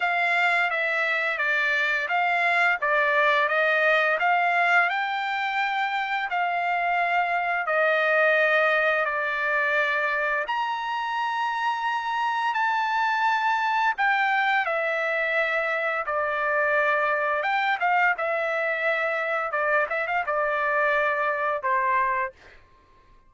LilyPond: \new Staff \with { instrumentName = "trumpet" } { \time 4/4 \tempo 4 = 86 f''4 e''4 d''4 f''4 | d''4 dis''4 f''4 g''4~ | g''4 f''2 dis''4~ | dis''4 d''2 ais''4~ |
ais''2 a''2 | g''4 e''2 d''4~ | d''4 g''8 f''8 e''2 | d''8 e''16 f''16 d''2 c''4 | }